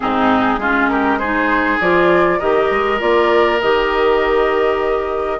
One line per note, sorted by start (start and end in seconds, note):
0.00 0.57 G#2
0.00 0.59 C4
0.00 0.60 D#4
0.00 0.88 G#4
0.57 1.77 G#3
0.57 1.21 C#4
0.57 0.90 F4
0.88 1.18 G4
0.88 1.18 A#4
1.18 1.80 D#4
1.18 2.38 G#4
1.18 1.78 C5
1.80 2.40 F3
1.80 2.40 F4
1.80 2.39 D5
2.39 2.70 D#3
2.39 2.98 G4
2.39 5.38 A#4
2.39 2.99 D#5
2.70 3.00 G#3
2.98 3.61 A#3
2.98 3.58 F4
2.98 3.60 D5
3.61 5.39 D#3
3.61 5.39 G4
3.61 5.39 D#5